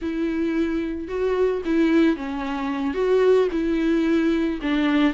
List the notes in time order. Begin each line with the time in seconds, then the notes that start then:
0.01 E4
1.07 F#4
1.65 E4
2.16 C#4
2.94 F#4
3.51 E4
4.61 D4